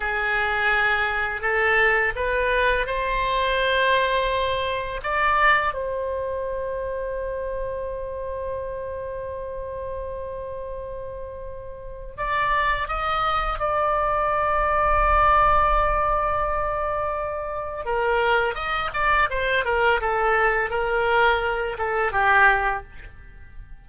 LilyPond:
\new Staff \with { instrumentName = "oboe" } { \time 4/4 \tempo 4 = 84 gis'2 a'4 b'4 | c''2. d''4 | c''1~ | c''1~ |
c''4 d''4 dis''4 d''4~ | d''1~ | d''4 ais'4 dis''8 d''8 c''8 ais'8 | a'4 ais'4. a'8 g'4 | }